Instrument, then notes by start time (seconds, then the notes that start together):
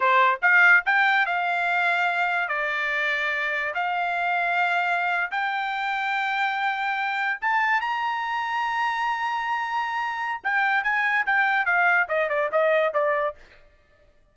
trumpet
0.00 C5
0.41 F5
0.85 G5
1.25 F5
2.48 D5
3.74 F5
5.31 G5
7.41 A5
7.80 A#5
10.43 G5
10.83 G#5
11.26 G5
11.65 F5
12.08 D#5
12.29 D5
12.52 D#5
12.93 D5